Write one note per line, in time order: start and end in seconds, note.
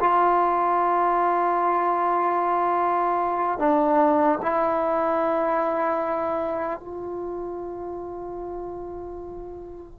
0.00 3.59 F4
3.59 4.39 D4
4.42 6.79 E4
6.79 9.99 F4